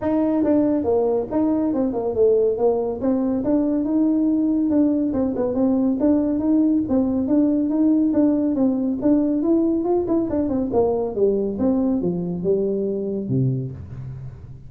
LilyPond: \new Staff \with { instrumentName = "tuba" } { \time 4/4 \tempo 4 = 140 dis'4 d'4 ais4 dis'4 | c'8 ais8 a4 ais4 c'4 | d'4 dis'2 d'4 | c'8 b8 c'4 d'4 dis'4 |
c'4 d'4 dis'4 d'4 | c'4 d'4 e'4 f'8 e'8 | d'8 c'8 ais4 g4 c'4 | f4 g2 c4 | }